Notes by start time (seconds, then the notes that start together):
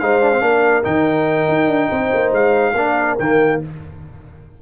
0.00 G#3 D#4 C5 F5
0.22 D4
0.32 C4
0.41 A#3 D4 A#4
0.84 D#3 D#4 G5
1.48 D#4
1.68 D4
1.90 C4 C5
2.14 A#3
2.32 G#3 F5
2.75 A#3 D4 A#4
3.19 D#3 A#3 G5